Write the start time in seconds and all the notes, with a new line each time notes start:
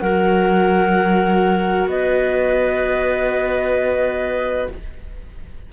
0.00 F#3 F#4 A#4 F#5
1.87 B3 B4 D#5